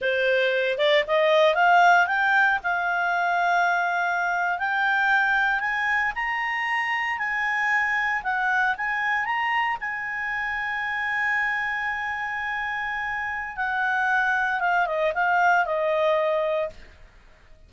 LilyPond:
\new Staff \with { instrumentName = "clarinet" } { \time 4/4 \tempo 4 = 115 c''4. d''8 dis''4 f''4 | g''4 f''2.~ | f''8. g''2 gis''4 ais''16~ | ais''4.~ ais''16 gis''2 fis''16~ |
fis''8. gis''4 ais''4 gis''4~ gis''16~ | gis''1~ | gis''2 fis''2 | f''8 dis''8 f''4 dis''2 | }